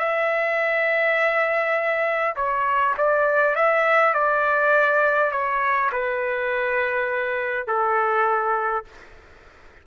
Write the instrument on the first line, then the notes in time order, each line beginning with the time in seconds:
trumpet
0.00 E5
2.36 C#5
2.98 D5
3.56 E5
4.14 D5
5.32 C#5
5.93 B4
7.68 A4